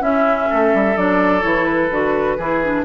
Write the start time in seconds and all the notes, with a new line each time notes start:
0.00 C#4 E4 E5
0.50 A3 A4
0.74 G3
0.97 F#3 D4 D5
1.42 E3 E4 C#5
1.65 B4
1.91 D3 F#4
2.37 E3 E4 G#4
2.63 D4